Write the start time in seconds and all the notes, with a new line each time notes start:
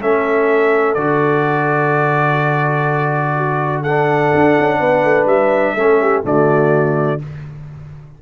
0.00 A3 C#4 A4 E5
0.95 D3 F#4 D5
3.36 F#4
3.82 A4 F#5
3.89 D4
4.35 D4
4.60 C#4
4.80 B3 B4
5.05 A3
5.26 G3 E5
5.75 A3 C#4 A4
6.02 G4
6.24 D3 A3 F#4 D5